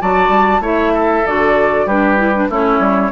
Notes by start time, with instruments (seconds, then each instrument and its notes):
0.00 bassoon F#3, clarinet F#4, oboe D5, flute A5
0.28 bassoon G3
0.60 bassoon A3, clarinet E4, oboe C#5, flute E5
0.93 oboe A4
1.27 bassoon D3, clarinet F#4, flute D5
1.86 bassoon G3, clarinet D4, oboe G4, flute B4
2.18 clarinet E4
2.35 clarinet D4
2.49 bassoon A3, clarinet C#4, oboe E4, flute C#5
2.79 bassoon G3